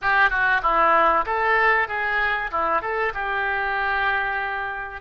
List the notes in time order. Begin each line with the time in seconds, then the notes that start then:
0.01 G4
0.30 F#4
0.62 E4
1.25 A4
1.88 G#4
2.51 E4
2.81 A4
3.14 G4